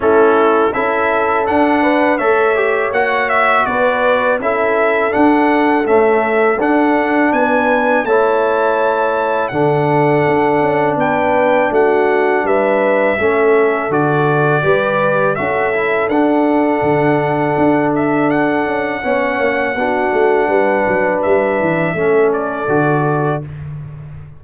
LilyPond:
<<
  \new Staff \with { instrumentName = "trumpet" } { \time 4/4 \tempo 4 = 82 a'4 e''4 fis''4 e''4 | fis''8 e''8 d''4 e''4 fis''4 | e''4 fis''4 gis''4 a''4~ | a''4 fis''2 g''4 |
fis''4 e''2 d''4~ | d''4 e''4 fis''2~ | fis''8 e''8 fis''2.~ | fis''4 e''4. d''4. | }
  \new Staff \with { instrumentName = "horn" } { \time 4/4 e'4 a'4. b'8 cis''4~ | cis''4 b'4 a'2~ | a'2 b'4 cis''4~ | cis''4 a'2 b'4 |
fis'4 b'4 a'2 | b'4 a'2.~ | a'2 cis''4 fis'4 | b'2 a'2 | }
  \new Staff \with { instrumentName = "trombone" } { \time 4/4 cis'4 e'4 d'4 a'8 g'8 | fis'2 e'4 d'4 | a4 d'2 e'4~ | e'4 d'2.~ |
d'2 cis'4 fis'4 | g'4 fis'8 e'8 d'2~ | d'2 cis'4 d'4~ | d'2 cis'4 fis'4 | }
  \new Staff \with { instrumentName = "tuba" } { \time 4/4 a4 cis'4 d'4 a4 | ais4 b4 cis'4 d'4 | cis'4 d'4 b4 a4~ | a4 d4 d'8 cis'8 b4 |
a4 g4 a4 d4 | g4 cis'4 d'4 d4 | d'4. cis'8 b8 ais8 b8 a8 | g8 fis8 g8 e8 a4 d4 | }
>>